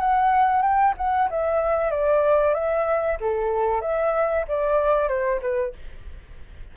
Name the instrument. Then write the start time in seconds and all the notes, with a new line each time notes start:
flute
0.00 F#5
0.62 G5
0.97 F#5
1.30 E5
1.91 D5
2.54 E5
3.20 A4
3.81 E5
4.48 D5
5.08 C5
5.41 B4